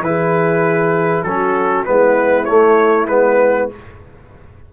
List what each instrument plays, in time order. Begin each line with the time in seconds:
0.00 tuba E3, trombone E4, trumpet B4
0.06 horn G#4
1.23 tuba F#3, trombone C#4, horn F#4, trumpet A4
1.85 tuba G#3, trombone B3, horn E4, trumpet B4
2.45 tuba A3, trombone A3, trumpet C#5
3.08 tuba G#3, trombone B3, trumpet B4